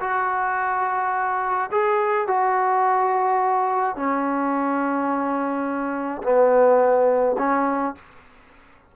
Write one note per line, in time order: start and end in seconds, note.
0.00 1.70 F#4
1.71 2.27 G#4
2.27 3.95 F#4
3.95 6.22 C#4
6.23 7.36 B3
7.38 7.95 C#4